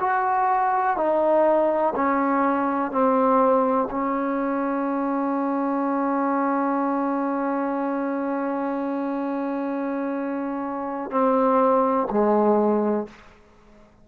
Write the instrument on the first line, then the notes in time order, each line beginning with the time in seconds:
trombone
0.00 F#4
0.96 D#4
1.95 C#4
2.91 C4
3.90 C#4
11.11 C4
12.10 G#3